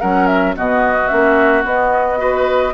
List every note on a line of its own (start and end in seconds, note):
0.00 0.56 F#3
0.00 0.55 C#4
0.00 0.55 A#4
0.00 0.27 F#5
0.27 0.54 E5
0.55 1.11 B2
0.55 1.09 B3
0.55 2.19 F#4
0.55 1.08 D#5
1.08 1.64 A#3
1.08 1.64 C#4
1.08 1.62 E5
1.64 2.17 B3
1.64 2.73 B3
1.64 2.73 D#5
2.17 2.72 F#4
2.17 2.73 B4